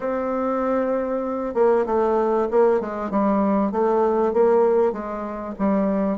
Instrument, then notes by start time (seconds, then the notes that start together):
bassoon
0.00 C4
1.54 A#3
1.86 A3
2.51 A#3
2.80 G#3
3.10 G3
3.71 A3
4.33 A#3
4.92 G#3
5.58 G3